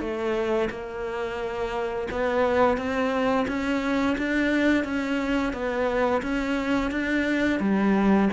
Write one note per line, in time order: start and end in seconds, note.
0.00 0.69 A3
0.70 2.08 A#3
2.11 2.77 B3
2.77 3.46 C4
3.48 4.17 C#4
4.18 4.84 D4
4.84 5.53 C#4
5.53 6.22 B3
6.22 6.91 C#4
6.91 7.60 D4
7.60 8.29 G3